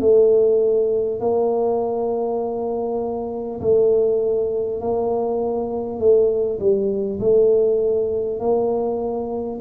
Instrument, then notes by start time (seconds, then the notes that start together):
tuba
0.00 A3
1.20 A#3
3.61 A3
4.81 A#3
5.99 A3
6.59 G3
7.20 A3
8.40 A#3